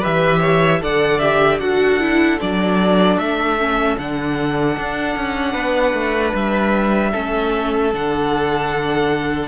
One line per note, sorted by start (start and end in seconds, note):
0.00 0.81 G4
0.00 0.39 B4
0.00 0.83 E5
0.06 0.83 E3
0.40 0.80 C#5
0.81 1.60 D3
0.81 1.21 A4
0.81 1.61 D5
0.81 1.19 F#5
1.19 1.60 G4
1.19 1.58 E5
1.60 2.39 D4
1.60 2.00 F#4
1.60 5.53 A4
1.60 2.39 F#5
2.00 2.39 E4
2.40 3.17 F#3
2.40 3.59 D4
2.40 3.18 D5
3.17 3.96 A3
3.17 3.97 E5
3.60 3.99 C#4
3.98 4.77 D3
3.98 7.13 D4
3.98 6.35 F#5
4.78 5.16 D4
5.16 5.55 C#4
5.53 5.93 B3
5.53 7.11 B4
5.93 6.33 A3
6.34 7.13 G3
6.34 7.94 E5
7.12 7.93 A3
7.12 7.92 C#4
7.12 9.49 A4
7.93 9.49 D3
7.93 9.49 D4
7.93 9.49 F#5